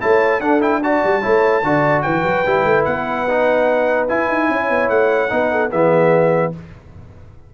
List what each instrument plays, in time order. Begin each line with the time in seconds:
0.00 tuba A3, trombone E4, horn C#5, trumpet A5
0.39 tuba D4, trombone D4, horn A4, trumpet F#5
0.60 trombone E4, trumpet G5
0.80 trombone F#4, horn D5, trumpet A5
1.04 tuba G3
1.21 tuba A3, trombone E4, horn C#5
1.63 tuba D3, trombone F#4, horn D5
2.02 tuba E3, horn B4, trumpet G5
2.23 tuba F#3
2.46 tuba G3, trombone E4
2.64 tuba A3
2.84 tuba B3, trumpet F#5
3.28 trombone D#4
4.08 trombone E4, tuba E4, trumpet G#5
4.29 tuba D#4
4.49 tuba C#4, horn C#5
4.69 tuba B3
4.89 tuba A3, trumpet F#5
5.29 tuba B3, trombone D#4, horn B4
5.51 horn A4
5.70 tuba E3, trombone B3, horn G#4, trumpet E5